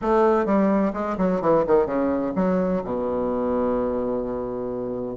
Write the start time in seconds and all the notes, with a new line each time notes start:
0.01 A3
0.45 G3
0.93 G#3
1.17 F#3
1.41 E3
1.66 D#3
1.85 C#3
2.35 F#3
2.84 B2